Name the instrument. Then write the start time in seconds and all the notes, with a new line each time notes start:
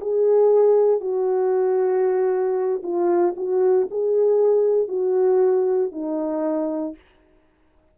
horn
0.00 G#4
1.00 F#4
2.82 F4
3.36 F#4
3.90 G#4
4.88 F#4
5.91 D#4